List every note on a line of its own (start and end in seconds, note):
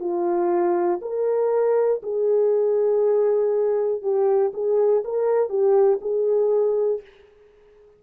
0.00 1.00 F4
1.01 2.01 A#4
2.02 4.02 G#4
4.02 4.52 G4
4.53 5.03 G#4
5.05 5.49 A#4
5.49 5.99 G4
6.01 7.01 G#4